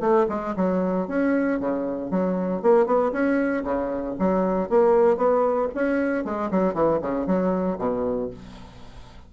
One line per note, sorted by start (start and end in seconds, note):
0.00 0.26 A3
0.28 0.54 G#3
0.56 1.07 F#3
1.07 1.59 C#4
1.60 2.10 C#3
2.10 2.62 F#3
2.62 2.86 A#3
2.86 3.12 B3
3.12 3.63 C#4
3.64 4.15 C#3
4.18 4.69 F#3
4.69 5.17 A#3
5.17 5.68 B3
5.74 6.24 C#4
6.24 6.50 G#3
6.51 6.74 F#3
6.74 6.99 E3
7.01 7.26 C#3
7.26 7.78 F#3
7.78 8.30 B2